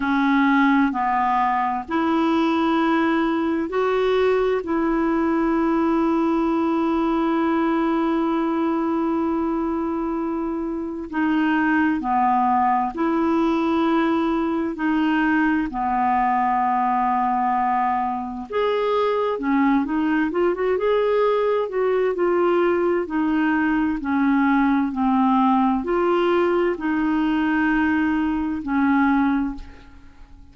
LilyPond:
\new Staff \with { instrumentName = "clarinet" } { \time 4/4 \tempo 4 = 65 cis'4 b4 e'2 | fis'4 e'2.~ | e'1 | dis'4 b4 e'2 |
dis'4 b2. | gis'4 cis'8 dis'8 f'16 fis'16 gis'4 fis'8 | f'4 dis'4 cis'4 c'4 | f'4 dis'2 cis'4 | }